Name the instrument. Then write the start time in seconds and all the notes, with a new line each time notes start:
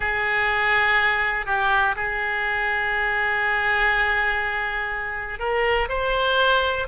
oboe
0.00 G#4
1.45 G4
1.95 G#4
5.39 A#4
5.88 C5